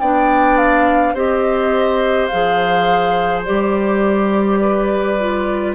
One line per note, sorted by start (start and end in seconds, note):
0.00 1.14 B3
0.00 1.16 D4
0.00 1.14 D5
0.00 0.58 G5
0.58 1.15 F5
1.14 2.29 C4
1.14 2.31 G4
1.14 4.60 C5
1.14 2.26 D#5
2.26 3.42 F5
2.32 3.48 F3
2.32 3.46 G#4
3.45 5.75 G3
3.45 5.19 G4
3.45 5.75 D5
4.61 5.75 B4
5.19 5.75 F4